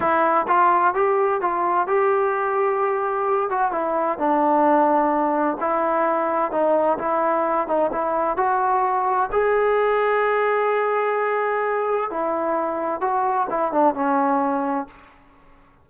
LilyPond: \new Staff \with { instrumentName = "trombone" } { \time 4/4 \tempo 4 = 129 e'4 f'4 g'4 f'4 | g'2.~ g'8 fis'8 | e'4 d'2. | e'2 dis'4 e'4~ |
e'8 dis'8 e'4 fis'2 | gis'1~ | gis'2 e'2 | fis'4 e'8 d'8 cis'2 | }